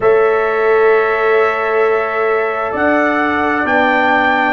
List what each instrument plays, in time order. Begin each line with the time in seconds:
0.00 tuba A3, trombone A4, horn C#5, trumpet E5
2.72 tuba D4, horn D5, trumpet F#5
3.65 tuba B3, trombone D4, trumpet G5